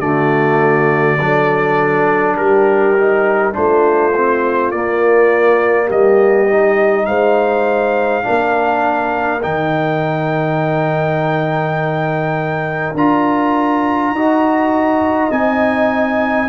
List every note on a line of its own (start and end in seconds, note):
0.00 1.18 D3
0.00 1.18 A3
0.00 1.20 F#4
0.00 2.36 D5
1.20 2.38 F#3
1.20 2.98 D4
1.20 2.37 A4
2.37 3.56 G3
2.37 3.54 G4
2.37 3.54 A#4
2.98 3.53 D#4
3.53 4.73 A3
3.53 4.12 D4
3.53 5.87 F4
3.53 4.72 C5
4.17 4.74 C4
4.72 5.90 A#3
4.72 6.50 A#3
4.72 5.89 D5
5.87 7.08 G3
5.87 7.04 G4
5.87 7.06 D#5
6.50 8.23 D#4
7.06 8.25 G#3
7.06 8.25 C5
7.06 9.42 F5
8.23 9.45 A#3
8.23 9.41 D4
8.23 14.15 A#4
9.42 12.95 D#3
9.42 12.95 D#4
9.42 12.96 G5
12.95 14.11 D4
12.95 14.16 F4
12.95 15.32 A#5
14.11 15.29 D#4
14.11 15.31 F#4
14.11 16.49 D#5
15.31 16.49 C4
15.31 16.48 D#4
15.31 16.49 G#5